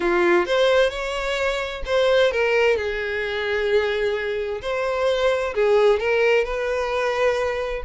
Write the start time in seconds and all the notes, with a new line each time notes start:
0.00 F4
0.46 C5
0.90 C#5
1.85 C5
2.31 A#4
2.76 G#4
4.61 C5
5.54 G#4
5.99 A#4
6.44 B4